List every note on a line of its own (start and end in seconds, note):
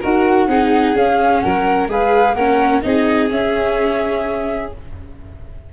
0.00 0.48 D#4
0.00 0.49 F#4
0.00 0.47 A#4
0.00 0.97 F#5
0.48 0.94 C4
0.48 0.95 D#4
0.48 1.43 G#4
0.95 1.42 C#4
0.95 1.89 C#4
0.95 1.40 F5
1.40 1.88 F#3
1.40 1.90 A#4
1.40 1.87 F#5
1.88 2.34 G#3
1.88 2.36 G#4
1.88 2.35 B4
1.88 2.34 F5
2.34 2.81 A#3
2.34 2.82 C#4
2.34 2.82 A#4
2.34 2.81 F#5
2.82 3.31 C4
2.82 3.29 D#4
2.82 4.73 G#4
2.82 3.29 D#5
3.29 4.70 C#4
3.29 4.71 C#4
3.29 4.72 E5